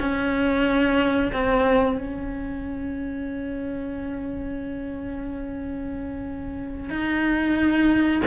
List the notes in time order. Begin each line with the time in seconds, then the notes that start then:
0.00 C#4
1.33 C4
1.98 C#4
6.90 D#4